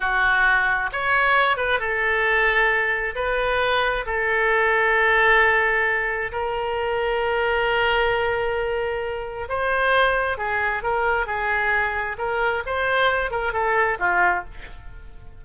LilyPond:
\new Staff \with { instrumentName = "oboe" } { \time 4/4 \tempo 4 = 133 fis'2 cis''4. b'8 | a'2. b'4~ | b'4 a'2.~ | a'2 ais'2~ |
ais'1~ | ais'4 c''2 gis'4 | ais'4 gis'2 ais'4 | c''4. ais'8 a'4 f'4 | }